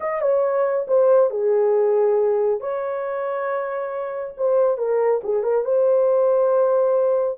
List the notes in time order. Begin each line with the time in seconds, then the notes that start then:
0.00 D#5
0.21 C#5
0.87 C5
1.30 G#4
2.60 C#5
4.37 C5
4.77 A#4
5.23 G#4
5.43 A#4
5.64 C5